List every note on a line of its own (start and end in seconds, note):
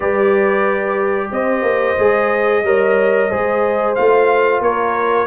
0.00 1.31 G3
0.00 1.98 G4
0.00 1.28 B4
0.00 1.31 D5
1.31 1.62 C4
1.31 2.65 C5
1.31 3.95 D#5
1.62 1.95 A#3
1.98 2.63 G#3
1.98 2.64 G#4
2.63 3.29 G3
2.63 3.30 A#4
2.63 3.30 C#5
3.30 3.97 G#3
3.30 3.96 G#4
3.30 4.61 C5
3.95 4.60 A3
3.95 5.27 F4
3.95 4.61 F5
4.60 5.26 A#3
4.60 5.27 A#4
4.60 5.27 C#5